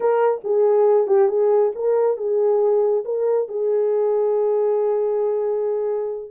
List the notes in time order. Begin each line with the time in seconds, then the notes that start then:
0.00 A#4
0.44 G#4
1.07 G4
1.28 G#4
1.75 A#4
2.17 G#4
3.05 A#4
3.48 G#4